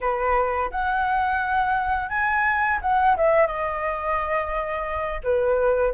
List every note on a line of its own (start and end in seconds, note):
0.00 0.70 B4
0.71 2.09 F#5
2.09 2.79 G#5
2.81 3.16 F#5
3.16 3.46 E5
3.46 5.21 D#5
5.23 5.93 B4